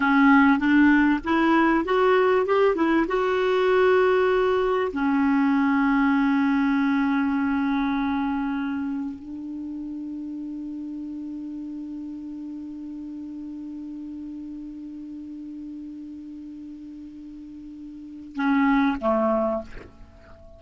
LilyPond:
\new Staff \with { instrumentName = "clarinet" } { \time 4/4 \tempo 4 = 98 cis'4 d'4 e'4 fis'4 | g'8 e'8 fis'2. | cis'1~ | cis'2. d'4~ |
d'1~ | d'1~ | d'1~ | d'2 cis'4 a4 | }